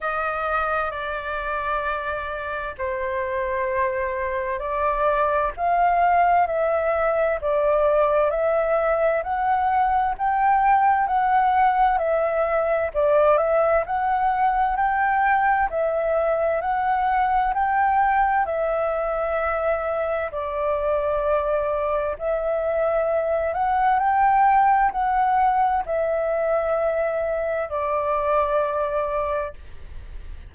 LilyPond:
\new Staff \with { instrumentName = "flute" } { \time 4/4 \tempo 4 = 65 dis''4 d''2 c''4~ | c''4 d''4 f''4 e''4 | d''4 e''4 fis''4 g''4 | fis''4 e''4 d''8 e''8 fis''4 |
g''4 e''4 fis''4 g''4 | e''2 d''2 | e''4. fis''8 g''4 fis''4 | e''2 d''2 | }